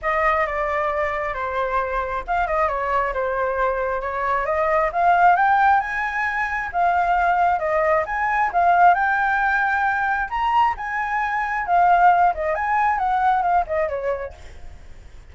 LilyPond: \new Staff \with { instrumentName = "flute" } { \time 4/4 \tempo 4 = 134 dis''4 d''2 c''4~ | c''4 f''8 dis''8 cis''4 c''4~ | c''4 cis''4 dis''4 f''4 | g''4 gis''2 f''4~ |
f''4 dis''4 gis''4 f''4 | g''2. ais''4 | gis''2 f''4. dis''8 | gis''4 fis''4 f''8 dis''8 cis''4 | }